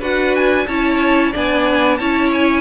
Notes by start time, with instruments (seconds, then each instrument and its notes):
0.00 cello D4, viola F#4, violin B4 F#5
0.36 violin G#5
0.67 cello C#4, viola E4, violin C#5 A5
1.33 cello B3, viola D4, violin D5 G#5
1.97 cello C#4, viola E4, violin C#5 A5
2.32 violin G#5